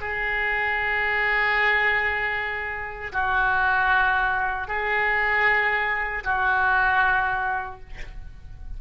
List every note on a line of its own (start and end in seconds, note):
0.00 3.12 G#4
3.12 4.68 F#4
4.68 6.23 G#4
6.24 7.80 F#4